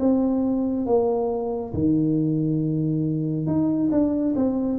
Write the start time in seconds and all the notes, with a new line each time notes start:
0.00 C4
0.87 A#3
1.74 D#3
3.47 D#4
3.91 D4
4.36 C4